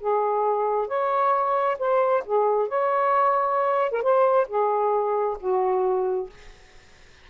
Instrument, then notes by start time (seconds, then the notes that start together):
saxophone
0.00 G#4
0.88 C#5
1.79 C5
2.26 G#4
2.69 C#5
3.92 A#4
4.03 C5
4.48 G#4
5.40 F#4